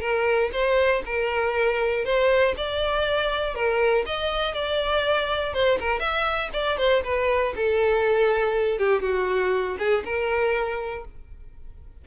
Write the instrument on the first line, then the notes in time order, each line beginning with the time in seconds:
violin
0.00 A#4
0.52 C5
1.05 A#4
2.04 C5
2.57 D5
3.55 A#4
4.05 D#5
4.54 D5
5.53 C5
5.80 A#4
5.99 E5
6.53 D5
6.77 C5
7.04 B4
7.55 A4
8.78 G4
9.02 F#4
9.78 G#4
10.04 A#4